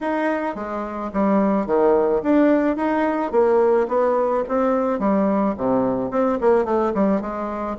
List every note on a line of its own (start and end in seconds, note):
0.00 0.55 D#4
0.55 1.11 G#3
1.13 1.66 G3
1.66 2.21 D#3
2.22 2.76 D4
2.76 3.31 D#4
3.31 3.87 A#3
3.88 4.43 B3
4.48 4.99 C4
4.99 5.54 G3
5.57 6.10 C3
6.10 6.38 C4
6.40 6.64 A#3
6.64 6.92 A3
6.94 7.21 G3
7.21 7.76 G#3